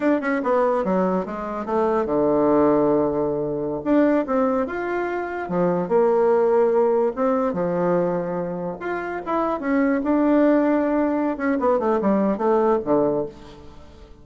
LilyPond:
\new Staff \with { instrumentName = "bassoon" } { \time 4/4 \tempo 4 = 145 d'8 cis'8 b4 fis4 gis4 | a4 d2.~ | d4~ d16 d'4 c'4 f'8.~ | f'4~ f'16 f4 ais4.~ ais16~ |
ais4~ ais16 c'4 f4.~ f16~ | f4~ f16 f'4 e'4 cis'8.~ | cis'16 d'2.~ d'16 cis'8 | b8 a8 g4 a4 d4 | }